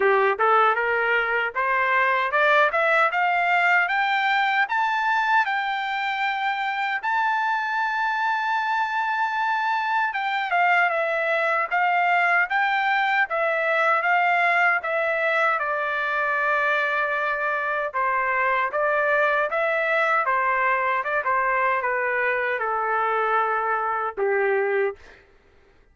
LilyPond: \new Staff \with { instrumentName = "trumpet" } { \time 4/4 \tempo 4 = 77 g'8 a'8 ais'4 c''4 d''8 e''8 | f''4 g''4 a''4 g''4~ | g''4 a''2.~ | a''4 g''8 f''8 e''4 f''4 |
g''4 e''4 f''4 e''4 | d''2. c''4 | d''4 e''4 c''4 d''16 c''8. | b'4 a'2 g'4 | }